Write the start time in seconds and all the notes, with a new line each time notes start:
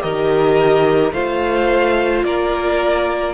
0.00 D#3 G4 A#4 D#5
1.12 A3 F4 C5 F5
2.24 A#3 A#4 D5